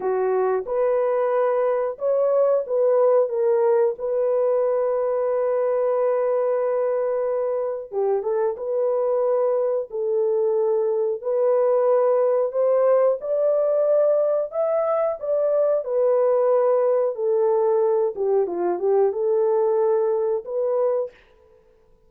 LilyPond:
\new Staff \with { instrumentName = "horn" } { \time 4/4 \tempo 4 = 91 fis'4 b'2 cis''4 | b'4 ais'4 b'2~ | b'1 | g'8 a'8 b'2 a'4~ |
a'4 b'2 c''4 | d''2 e''4 d''4 | b'2 a'4. g'8 | f'8 g'8 a'2 b'4 | }